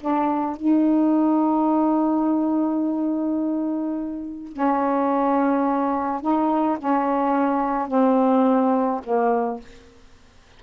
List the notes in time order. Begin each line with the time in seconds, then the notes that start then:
0.00 D4
0.56 D#4
4.52 C#4
6.21 D#4
6.78 C#4
7.88 C4
9.04 A#3